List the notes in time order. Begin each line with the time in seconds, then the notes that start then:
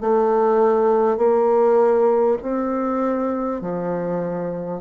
0.00 A3
1.17 A#3
2.42 C4
3.61 F3